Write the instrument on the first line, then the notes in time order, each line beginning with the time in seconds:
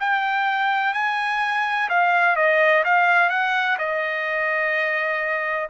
trumpet
0.00 G5
0.94 G#5
1.89 F5
2.36 D#5
2.84 F5
3.29 F#5
3.78 D#5